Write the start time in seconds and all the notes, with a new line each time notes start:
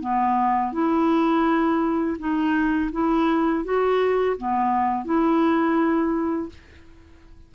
0.00 B3
0.72 E4
2.18 D#4
2.92 E4
3.64 F#4
4.37 B3
5.04 E4